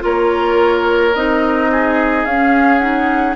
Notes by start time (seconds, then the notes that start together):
0.00 A#3 F4 A#4 C#5
1.15 C4 D#4 D#5
1.72 G#4
2.25 C#4 F5
2.79 D#4 F#5